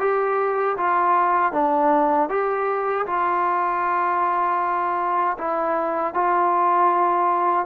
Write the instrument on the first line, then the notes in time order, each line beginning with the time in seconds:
trombone
0.00 G4
0.78 F4
1.53 D4
2.29 G4
3.07 F4
5.38 E4
6.15 F4